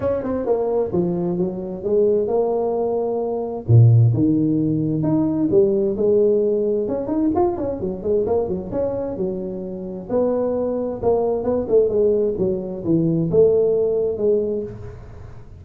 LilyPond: \new Staff \with { instrumentName = "tuba" } { \time 4/4 \tempo 4 = 131 cis'8 c'8 ais4 f4 fis4 | gis4 ais2. | ais,4 dis2 dis'4 | g4 gis2 cis'8 dis'8 |
f'8 cis'8 fis8 gis8 ais8 fis8 cis'4 | fis2 b2 | ais4 b8 a8 gis4 fis4 | e4 a2 gis4 | }